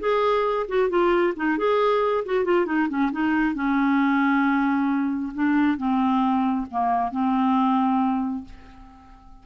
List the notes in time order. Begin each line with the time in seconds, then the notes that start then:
0.00 G#4
0.68 F#4
0.89 F4
1.36 D#4
1.58 G#4
2.25 F#4
2.44 F4
2.66 D#4
2.89 C#4
3.12 D#4
3.55 C#4
5.34 D4
5.77 C4
6.71 A#3
7.12 C4